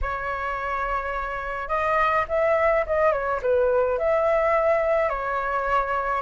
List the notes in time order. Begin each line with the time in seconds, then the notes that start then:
0.01 C#5
1.68 D#5
2.28 E5
2.86 D#5
3.12 C#5
3.42 B4
3.98 E5
5.09 C#5